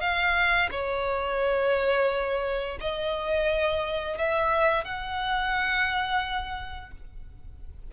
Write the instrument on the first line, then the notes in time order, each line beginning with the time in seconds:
violin
0.00 F5
0.71 C#5
2.80 D#5
4.18 E5
4.84 F#5